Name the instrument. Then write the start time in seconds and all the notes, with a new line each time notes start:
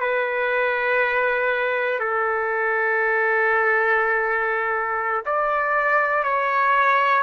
trumpet
0.00 B4
2.00 A4
5.25 D5
6.24 C#5